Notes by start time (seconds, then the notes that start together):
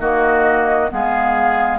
0.00 D#3 A#3 F#4 D#5
0.90 G#3 B3 G#4 F5